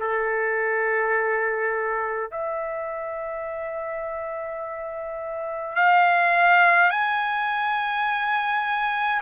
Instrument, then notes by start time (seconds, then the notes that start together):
trumpet
0.00 A4
2.31 E5
5.76 F5
6.91 G#5